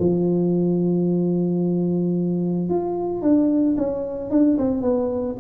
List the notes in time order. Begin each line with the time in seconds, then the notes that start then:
0.00 F3
2.70 F4
3.23 D4
3.78 C#4
4.31 D4
4.58 C4
4.82 B3